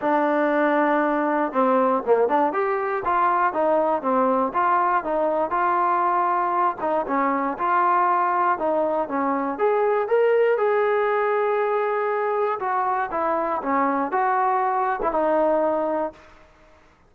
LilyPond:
\new Staff \with { instrumentName = "trombone" } { \time 4/4 \tempo 4 = 119 d'2. c'4 | ais8 d'8 g'4 f'4 dis'4 | c'4 f'4 dis'4 f'4~ | f'4. dis'8 cis'4 f'4~ |
f'4 dis'4 cis'4 gis'4 | ais'4 gis'2.~ | gis'4 fis'4 e'4 cis'4 | fis'4.~ fis'16 e'16 dis'2 | }